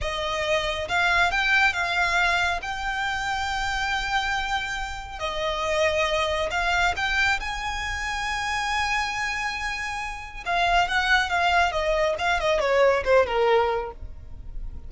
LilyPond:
\new Staff \with { instrumentName = "violin" } { \time 4/4 \tempo 4 = 138 dis''2 f''4 g''4 | f''2 g''2~ | g''1 | dis''2. f''4 |
g''4 gis''2.~ | gis''1 | f''4 fis''4 f''4 dis''4 | f''8 dis''8 cis''4 c''8 ais'4. | }